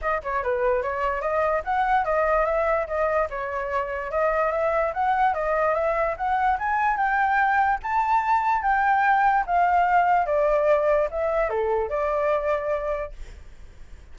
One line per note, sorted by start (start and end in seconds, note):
0.01 0.22 D#5
0.23 0.43 C#5
0.43 0.82 B4
0.82 1.21 C#5
1.21 1.62 D#5
1.64 2.05 F#5
2.05 2.45 D#5
2.45 2.87 E5
2.87 3.28 D#5
3.30 4.11 C#5
4.11 4.51 D#5
4.51 4.92 E5
4.93 5.33 F#5
5.33 5.74 D#5
5.74 6.15 E5
6.17 6.58 F#5
6.58 6.96 G#5
6.96 7.79 G5
7.82 8.62 A5
8.62 9.44 G5
9.46 10.26 F5
10.26 11.08 D5
11.11 11.49 E5
11.49 11.89 A4
11.89 13.12 D5